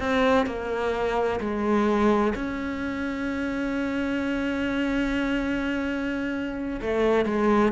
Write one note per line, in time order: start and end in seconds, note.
0.00 0.46 C4
0.46 1.40 A#3
1.41 2.34 G#3
2.35 6.81 C#4
6.82 7.26 A3
7.26 7.73 G#3